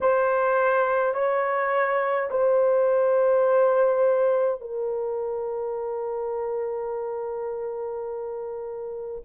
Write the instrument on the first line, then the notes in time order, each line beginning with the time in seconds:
horn
0.00 C5
1.14 C#5
2.30 C5
4.60 A#4